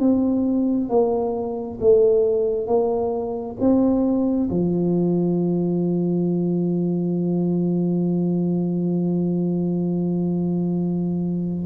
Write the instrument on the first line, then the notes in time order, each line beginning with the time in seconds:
tuba
0.00 C4
0.90 A#3
1.81 A3
2.67 A#3
3.61 C4
4.50 F3